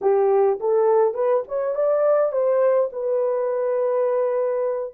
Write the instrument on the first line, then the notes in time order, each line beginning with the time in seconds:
horn
0.01 G4
0.60 A4
1.14 B4
1.48 C#5
1.75 D5
2.31 C5
2.92 B4